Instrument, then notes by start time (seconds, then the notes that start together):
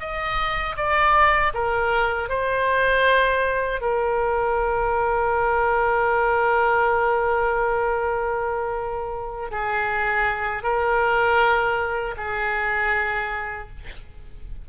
oboe
0.00 D#5
0.77 D5
1.54 A#4
2.29 C5
3.81 A#4
9.51 G#4
10.63 A#4
12.17 G#4